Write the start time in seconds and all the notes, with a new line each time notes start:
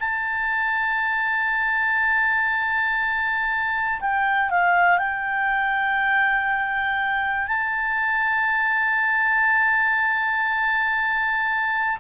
0.00 A5
4.00 G5
4.50 F5
4.98 G5
7.48 A5